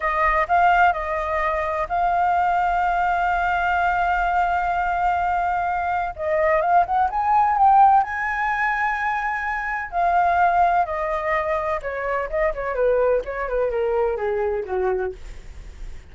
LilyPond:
\new Staff \with { instrumentName = "flute" } { \time 4/4 \tempo 4 = 127 dis''4 f''4 dis''2 | f''1~ | f''1~ | f''4 dis''4 f''8 fis''8 gis''4 |
g''4 gis''2.~ | gis''4 f''2 dis''4~ | dis''4 cis''4 dis''8 cis''8 b'4 | cis''8 b'8 ais'4 gis'4 fis'4 | }